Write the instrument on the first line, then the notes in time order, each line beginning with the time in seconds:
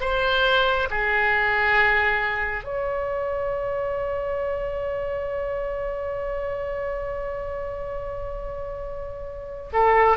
oboe
0.00 C5
0.90 G#4
2.64 C#5
9.73 A4